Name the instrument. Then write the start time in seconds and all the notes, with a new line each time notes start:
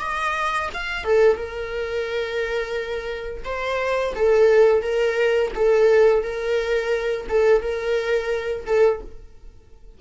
viola
0.00 D#5
0.74 F5
1.04 A4
1.36 A#4
3.45 C5
4.15 A4
4.82 A#4
5.55 A4
6.23 A#4
7.29 A4
7.62 A#4
8.66 A4